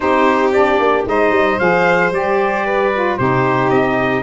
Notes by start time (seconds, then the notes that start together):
0.00 C4 D#4 G4 C5
0.52 D4 D5
0.79 A#3
1.06 G#3 D#4 C5 D#5
1.30 G3
1.59 F3 G#4 F5
2.11 G3 G4 D5
2.66 B4
2.93 F4
3.17 C3 D#4 G4 C5
3.70 C4 D#5